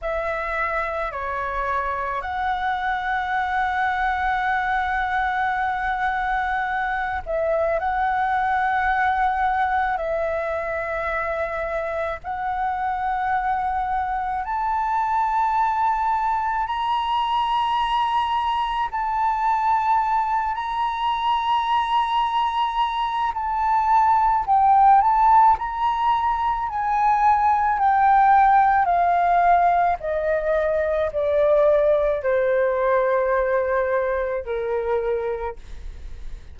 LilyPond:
\new Staff \with { instrumentName = "flute" } { \time 4/4 \tempo 4 = 54 e''4 cis''4 fis''2~ | fis''2~ fis''8 e''8 fis''4~ | fis''4 e''2 fis''4~ | fis''4 a''2 ais''4~ |
ais''4 a''4. ais''4.~ | ais''4 a''4 g''8 a''8 ais''4 | gis''4 g''4 f''4 dis''4 | d''4 c''2 ais'4 | }